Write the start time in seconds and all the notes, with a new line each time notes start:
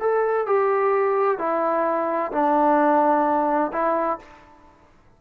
0.00 A4
0.47 G4
1.38 E4
2.32 D4
3.72 E4